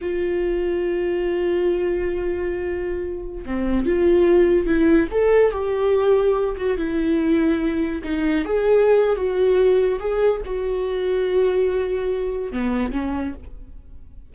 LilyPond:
\new Staff \with { instrumentName = "viola" } { \time 4/4 \tempo 4 = 144 f'1~ | f'1~ | f'16 c'4 f'2 e'8.~ | e'16 a'4 g'2~ g'8 fis'16~ |
fis'16 e'2. dis'8.~ | dis'16 gis'4.~ gis'16 fis'2 | gis'4 fis'2.~ | fis'2 b4 cis'4 | }